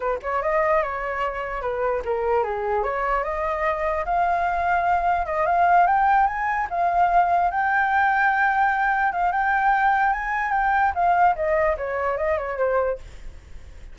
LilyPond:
\new Staff \with { instrumentName = "flute" } { \time 4/4 \tempo 4 = 148 b'8 cis''8 dis''4 cis''2 | b'4 ais'4 gis'4 cis''4 | dis''2 f''2~ | f''4 dis''8 f''4 g''4 gis''8~ |
gis''8 f''2 g''4.~ | g''2~ g''8 f''8 g''4~ | g''4 gis''4 g''4 f''4 | dis''4 cis''4 dis''8 cis''8 c''4 | }